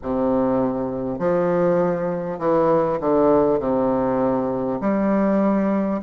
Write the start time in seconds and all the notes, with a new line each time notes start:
0.02 C3
1.18 F3
2.38 E3
3.00 D3
3.59 C3
4.80 G3